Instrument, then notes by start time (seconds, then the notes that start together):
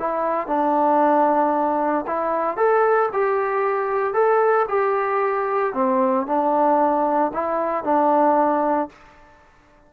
trombone
0.00 E4
0.48 D4
2.07 E4
2.57 A4
3.13 G4
4.14 A4
4.69 G4
5.74 C4
6.27 D4
7.34 E4
7.84 D4